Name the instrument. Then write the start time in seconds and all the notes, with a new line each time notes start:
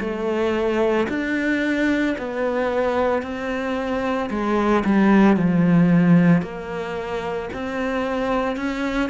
cello
0.00 A3
1.09 D4
2.18 B3
3.22 C4
4.30 G#3
4.85 G3
5.36 F3
6.42 A#3
7.53 C4
8.56 C#4